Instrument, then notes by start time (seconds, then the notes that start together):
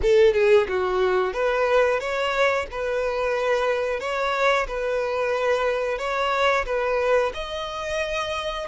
violin
0.02 A4
0.33 G#4
0.68 F#4
1.33 B4
1.99 C#5
2.71 B4
4.00 C#5
4.67 B4
5.98 C#5
6.65 B4
7.33 D#5